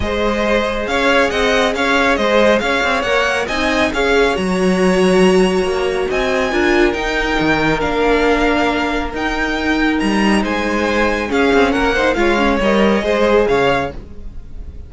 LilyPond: <<
  \new Staff \with { instrumentName = "violin" } { \time 4/4 \tempo 4 = 138 dis''2 f''4 fis''4 | f''4 dis''4 f''4 fis''4 | gis''4 f''4 ais''2~ | ais''2 gis''2 |
g''2 f''2~ | f''4 g''2 ais''4 | gis''2 f''4 fis''4 | f''4 dis''2 f''4 | }
  \new Staff \with { instrumentName = "violin" } { \time 4/4 c''2 cis''4 dis''4 | cis''4 c''4 cis''2 | dis''4 cis''2.~ | cis''2 dis''4 ais'4~ |
ais'1~ | ais'1 | c''2 gis'4 ais'8 c''8 | cis''2 c''4 cis''4 | }
  \new Staff \with { instrumentName = "viola" } { \time 4/4 gis'1~ | gis'2. ais'4 | dis'4 gis'4 fis'2~ | fis'2. f'4 |
dis'2 d'2~ | d'4 dis'2.~ | dis'2 cis'4. dis'8 | f'8 cis'8 ais'4 gis'2 | }
  \new Staff \with { instrumentName = "cello" } { \time 4/4 gis2 cis'4 c'4 | cis'4 gis4 cis'8 c'8 ais4 | c'4 cis'4 fis2~ | fis4 ais4 c'4 d'4 |
dis'4 dis4 ais2~ | ais4 dis'2 g4 | gis2 cis'8 c'8 ais4 | gis4 g4 gis4 cis4 | }
>>